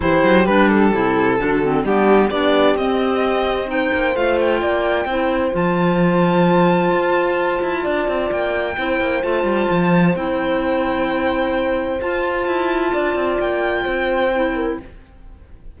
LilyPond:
<<
  \new Staff \with { instrumentName = "violin" } { \time 4/4 \tempo 4 = 130 c''4 b'8 a'2~ a'8 | g'4 d''4 dis''2 | g''4 f''8 g''2~ g''8 | a''1~ |
a''2 g''2 | a''2 g''2~ | g''2 a''2~ | a''4 g''2. | }
  \new Staff \with { instrumentName = "horn" } { \time 4/4 g'2. fis'4 | d'4 g'2. | c''2 d''4 c''4~ | c''1~ |
c''4 d''2 c''4~ | c''1~ | c''1 | d''2 c''4. ais'8 | }
  \new Staff \with { instrumentName = "clarinet" } { \time 4/4 e'4 d'4 e'4 d'8 c'8 | b4 d'4 c'2 | dis'4 f'2 e'4 | f'1~ |
f'2. e'4 | f'2 e'2~ | e'2 f'2~ | f'2. e'4 | }
  \new Staff \with { instrumentName = "cello" } { \time 4/4 e8 fis8 g4 c4 d4 | g4 b4 c'2~ | c'8 ais8 a4 ais4 c'4 | f2. f'4~ |
f'8 e'8 d'8 c'8 ais4 c'8 ais8 | a8 g8 f4 c'2~ | c'2 f'4 e'4 | d'8 c'8 ais4 c'2 | }
>>